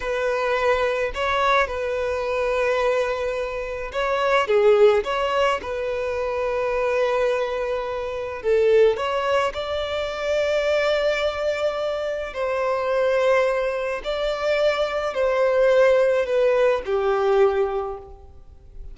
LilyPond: \new Staff \with { instrumentName = "violin" } { \time 4/4 \tempo 4 = 107 b'2 cis''4 b'4~ | b'2. cis''4 | gis'4 cis''4 b'2~ | b'2. a'4 |
cis''4 d''2.~ | d''2 c''2~ | c''4 d''2 c''4~ | c''4 b'4 g'2 | }